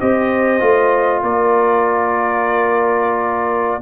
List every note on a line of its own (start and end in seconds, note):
0.00 0.62 C4
0.00 0.60 G4
0.00 1.22 C5
0.00 1.23 D#5
0.60 1.23 A3
0.60 3.81 F4
1.22 3.82 A#3
1.22 3.82 A#4
1.22 3.82 D5